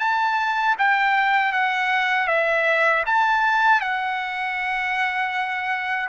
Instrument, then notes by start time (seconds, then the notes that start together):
trumpet
0.00 A5
0.79 G5
1.53 F#5
2.28 E5
3.06 A5
3.81 F#5